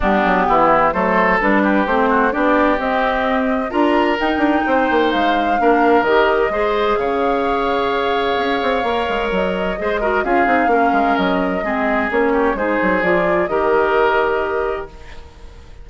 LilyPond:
<<
  \new Staff \with { instrumentName = "flute" } { \time 4/4 \tempo 4 = 129 g'2 c''4 b'4 | c''4 d''4 dis''2 | ais''4 g''2 f''4~ | f''4 dis''2 f''4~ |
f''1 | dis''2 f''2 | dis''2 cis''4 c''4 | d''4 dis''2. | }
  \new Staff \with { instrumentName = "oboe" } { \time 4/4 d'4 e'4 a'4. g'8~ | g'8 fis'8 g'2. | ais'2 c''2 | ais'2 c''4 cis''4~ |
cis''1~ | cis''4 c''8 ais'8 gis'4 ais'4~ | ais'4 gis'4. g'8 gis'4~ | gis'4 ais'2. | }
  \new Staff \with { instrumentName = "clarinet" } { \time 4/4 b2 a4 d'4 | c'4 d'4 c'2 | f'4 dis'2. | d'4 g'4 gis'2~ |
gis'2. ais'4~ | ais'4 gis'8 fis'8 f'8 dis'8 cis'4~ | cis'4 c'4 cis'4 dis'4 | f'4 g'2. | }
  \new Staff \with { instrumentName = "bassoon" } { \time 4/4 g8 fis8 e4 fis4 g4 | a4 b4 c'2 | d'4 dis'8 d'8 c'8 ais8 gis4 | ais4 dis4 gis4 cis4~ |
cis2 cis'8 c'8 ais8 gis8 | fis4 gis4 cis'8 c'8 ais8 gis8 | fis4 gis4 ais4 gis8 fis8 | f4 dis2. | }
>>